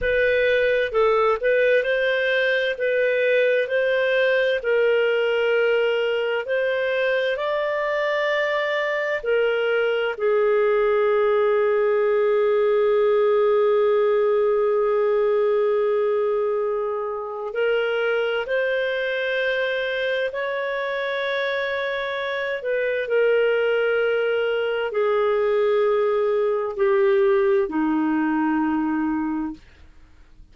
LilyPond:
\new Staff \with { instrumentName = "clarinet" } { \time 4/4 \tempo 4 = 65 b'4 a'8 b'8 c''4 b'4 | c''4 ais'2 c''4 | d''2 ais'4 gis'4~ | gis'1~ |
gis'2. ais'4 | c''2 cis''2~ | cis''8 b'8 ais'2 gis'4~ | gis'4 g'4 dis'2 | }